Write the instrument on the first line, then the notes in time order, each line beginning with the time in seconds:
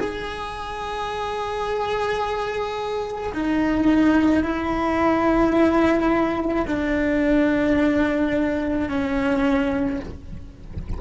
cello
0.00 G#4
3.34 D#4
4.44 E4
6.67 D4
8.89 C#4